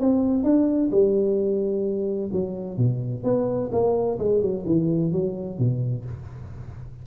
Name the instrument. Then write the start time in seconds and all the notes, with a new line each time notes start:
tuba
0.00 C4
0.44 D4
0.91 G3
2.33 F#3
2.77 B2
3.24 B3
3.72 A#3
4.19 G#3
4.42 F#3
4.66 E3
5.12 F#3
5.59 B2